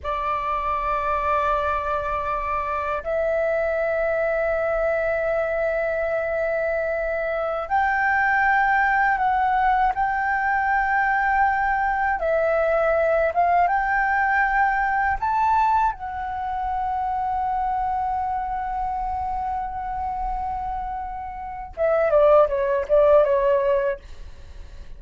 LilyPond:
\new Staff \with { instrumentName = "flute" } { \time 4/4 \tempo 4 = 80 d''1 | e''1~ | e''2~ e''16 g''4.~ g''16~ | g''16 fis''4 g''2~ g''8.~ |
g''16 e''4. f''8 g''4.~ g''16~ | g''16 a''4 fis''2~ fis''8.~ | fis''1~ | fis''4 e''8 d''8 cis''8 d''8 cis''4 | }